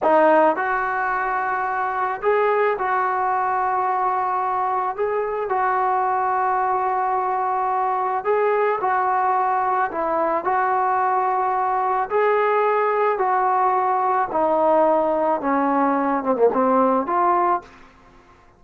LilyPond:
\new Staff \with { instrumentName = "trombone" } { \time 4/4 \tempo 4 = 109 dis'4 fis'2. | gis'4 fis'2.~ | fis'4 gis'4 fis'2~ | fis'2. gis'4 |
fis'2 e'4 fis'4~ | fis'2 gis'2 | fis'2 dis'2 | cis'4. c'16 ais16 c'4 f'4 | }